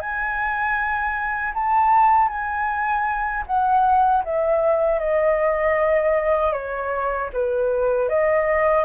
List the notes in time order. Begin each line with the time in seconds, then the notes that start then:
0.00 G#5
1.54 A5
2.29 G#5
3.47 F#5
4.24 E5
5.00 D#5
6.53 C#5
7.33 B4
8.09 D#5